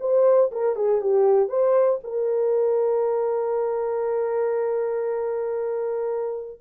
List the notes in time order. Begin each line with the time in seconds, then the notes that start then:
0.00 C5
0.52 A#4
0.76 G#4
1.01 G4
1.49 C5
2.04 A#4